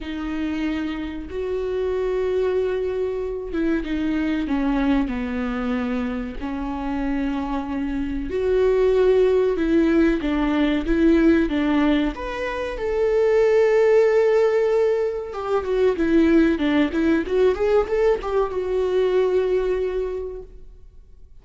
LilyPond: \new Staff \with { instrumentName = "viola" } { \time 4/4 \tempo 4 = 94 dis'2 fis'2~ | fis'4. e'8 dis'4 cis'4 | b2 cis'2~ | cis'4 fis'2 e'4 |
d'4 e'4 d'4 b'4 | a'1 | g'8 fis'8 e'4 d'8 e'8 fis'8 gis'8 | a'8 g'8 fis'2. | }